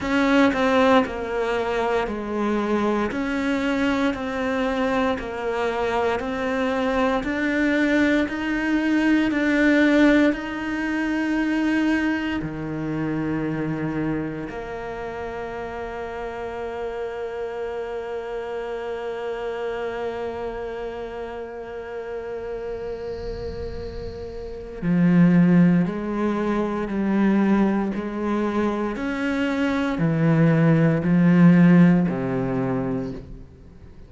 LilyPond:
\new Staff \with { instrumentName = "cello" } { \time 4/4 \tempo 4 = 58 cis'8 c'8 ais4 gis4 cis'4 | c'4 ais4 c'4 d'4 | dis'4 d'4 dis'2 | dis2 ais2~ |
ais1~ | ais1 | f4 gis4 g4 gis4 | cis'4 e4 f4 c4 | }